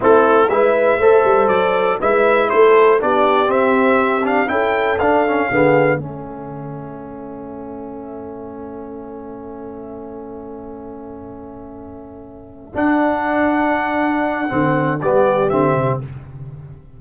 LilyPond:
<<
  \new Staff \with { instrumentName = "trumpet" } { \time 4/4 \tempo 4 = 120 a'4 e''2 d''4 | e''4 c''4 d''4 e''4~ | e''8 f''8 g''4 f''2 | e''1~ |
e''1~ | e''1~ | e''4. fis''2~ fis''8~ | fis''2 d''4 e''4 | }
  \new Staff \with { instrumentName = "horn" } { \time 4/4 e'4 b'4 c''2 | b'4 a'4 g'2~ | g'4 a'2 gis'4 | a'1~ |
a'1~ | a'1~ | a'1~ | a'2 g'2 | }
  \new Staff \with { instrumentName = "trombone" } { \time 4/4 c'4 e'4 a'2 | e'2 d'4 c'4~ | c'8 d'8 e'4 d'8 cis'8 b4 | cis'1~ |
cis'1~ | cis'1~ | cis'4. d'2~ d'8~ | d'4 c'4 b4 c'4 | }
  \new Staff \with { instrumentName = "tuba" } { \time 4/4 a4 gis4 a8 g8 fis4 | gis4 a4 b4 c'4~ | c'4 cis'4 d'4 d4 | a1~ |
a1~ | a1~ | a4. d'2~ d'8~ | d'4 d4 g4 d8 c8 | }
>>